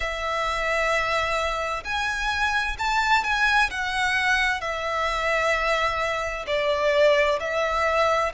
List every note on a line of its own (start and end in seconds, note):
0.00 1.83 E5
1.84 2.77 G#5
2.78 3.23 A5
3.23 3.70 G#5
3.70 4.61 F#5
4.61 6.45 E5
6.46 7.38 D5
7.40 8.32 E5